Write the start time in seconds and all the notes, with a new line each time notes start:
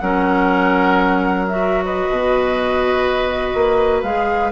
0.00 F#3 C#4 A#4 F#5
1.48 F#4 E5
1.85 B4 D#5
2.10 B2
3.54 A#3
4.02 G#3 G#4 F5